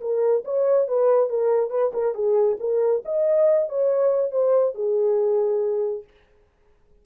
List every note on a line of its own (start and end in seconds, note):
0.00 0.43 A#4
0.44 0.87 C#5
0.88 1.29 B4
1.29 1.70 A#4
1.70 1.91 B4
1.93 2.14 A#4
2.14 2.57 G#4
2.59 3.03 A#4
3.05 3.69 D#5
3.69 4.31 C#5
4.31 4.74 C5
4.74 6.04 G#4